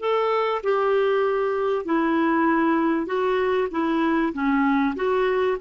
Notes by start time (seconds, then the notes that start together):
0.00 A4
0.64 G4
1.86 E4
3.06 F#4
3.71 E4
4.33 C#4
4.96 F#4